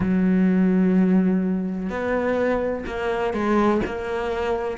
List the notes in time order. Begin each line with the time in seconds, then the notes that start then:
0.00 F#3
1.89 B3
2.86 A#3
3.33 G#3
3.86 A#3